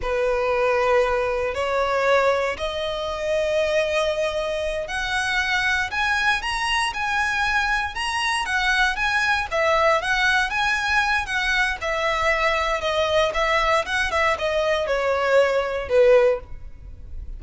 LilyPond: \new Staff \with { instrumentName = "violin" } { \time 4/4 \tempo 4 = 117 b'2. cis''4~ | cis''4 dis''2.~ | dis''4. fis''2 gis''8~ | gis''8 ais''4 gis''2 ais''8~ |
ais''8 fis''4 gis''4 e''4 fis''8~ | fis''8 gis''4. fis''4 e''4~ | e''4 dis''4 e''4 fis''8 e''8 | dis''4 cis''2 b'4 | }